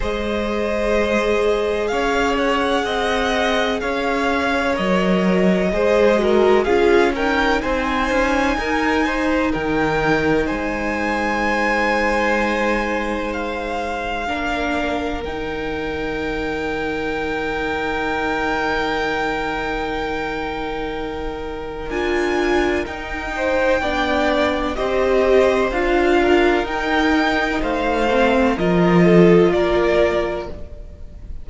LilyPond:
<<
  \new Staff \with { instrumentName = "violin" } { \time 4/4 \tempo 4 = 63 dis''2 f''8 fis''4. | f''4 dis''2 f''8 g''8 | gis''2 g''4 gis''4~ | gis''2 f''2 |
g''1~ | g''2. gis''4 | g''2 dis''4 f''4 | g''4 f''4 dis''4 d''4 | }
  \new Staff \with { instrumentName = "violin" } { \time 4/4 c''2 cis''4 dis''4 | cis''2 c''8 ais'8 gis'8 ais'8 | c''4 ais'8 c''8 ais'4 c''4~ | c''2. ais'4~ |
ais'1~ | ais'1~ | ais'8 c''8 d''4 c''4. ais'8~ | ais'4 c''4 ais'8 a'8 ais'4 | }
  \new Staff \with { instrumentName = "viola" } { \time 4/4 gis'1~ | gis'4 ais'4 gis'8 fis'8 f'8 dis'8~ | dis'1~ | dis'2. d'4 |
dis'1~ | dis'2. f'4 | dis'4 d'4 g'4 f'4 | dis'4. c'8 f'2 | }
  \new Staff \with { instrumentName = "cello" } { \time 4/4 gis2 cis'4 c'4 | cis'4 fis4 gis4 cis'4 | c'8 cis'8 dis'4 dis4 gis4~ | gis2. ais4 |
dis1~ | dis2. d'4 | dis'4 b4 c'4 d'4 | dis'4 a4 f4 ais4 | }
>>